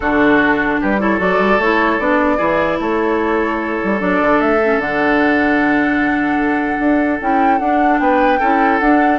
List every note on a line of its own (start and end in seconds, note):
0.00 0.78 D3
0.00 0.99 D4
0.00 0.80 F#4
0.00 0.79 A4
0.81 1.19 G3
0.81 1.00 G4
0.81 1.00 B4
0.99 1.19 E4
0.99 2.37 A4
0.99 1.20 C#5
1.19 1.39 F#3
1.19 1.59 F#4
1.19 1.60 D5
1.39 1.58 G3
1.58 1.98 A3
1.58 1.99 E4
1.58 1.99 C#5
1.99 2.39 B3
1.99 2.37 D4
1.99 2.79 D5
2.37 2.79 E3
2.37 3.97 E4
2.37 2.77 G#4
2.79 3.79 A3
2.79 8.01 A4
2.79 4.00 C#5
3.83 4.00 G3
3.99 4.20 F#3
3.99 4.59 D4
3.99 4.40 D5
4.21 4.40 D3
4.40 4.77 A3
4.40 4.80 E5
4.63 4.80 C#4
4.77 6.77 D3
4.77 7.20 D4
4.77 7.21 F#5
6.79 7.19 D4
7.21 7.59 C#4
7.21 7.61 E4
7.21 7.58 G5
7.58 7.99 D4
7.58 8.41 D4
7.58 7.98 F#5
7.98 8.39 B3
7.98 8.39 B4
7.98 8.78 G5
8.39 8.80 C#4
8.39 8.81 E4
8.39 9.19 A4
8.79 9.19 D4
8.79 9.19 F#5